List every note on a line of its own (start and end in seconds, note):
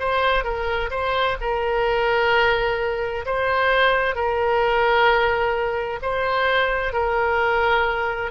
0.00 0.44 C5
0.44 0.91 A#4
0.91 1.37 C5
1.41 3.26 A#4
3.26 4.15 C5
4.15 6.00 A#4
6.03 6.93 C5
6.93 8.32 A#4